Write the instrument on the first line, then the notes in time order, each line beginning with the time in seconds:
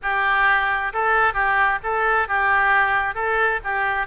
oboe
0.02 G4
0.93 A4
1.33 G4
1.83 A4
2.27 G4
3.15 A4
3.63 G4